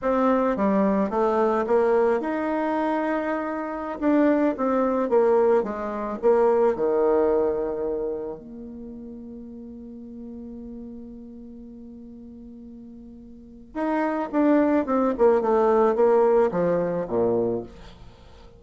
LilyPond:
\new Staff \with { instrumentName = "bassoon" } { \time 4/4 \tempo 4 = 109 c'4 g4 a4 ais4 | dis'2.~ dis'16 d'8.~ | d'16 c'4 ais4 gis4 ais8.~ | ais16 dis2. ais8.~ |
ais1~ | ais1~ | ais4 dis'4 d'4 c'8 ais8 | a4 ais4 f4 ais,4 | }